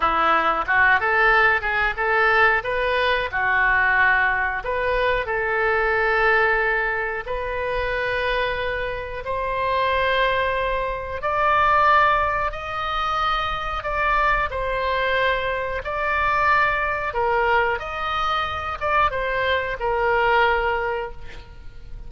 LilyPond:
\new Staff \with { instrumentName = "oboe" } { \time 4/4 \tempo 4 = 91 e'4 fis'8 a'4 gis'8 a'4 | b'4 fis'2 b'4 | a'2. b'4~ | b'2 c''2~ |
c''4 d''2 dis''4~ | dis''4 d''4 c''2 | d''2 ais'4 dis''4~ | dis''8 d''8 c''4 ais'2 | }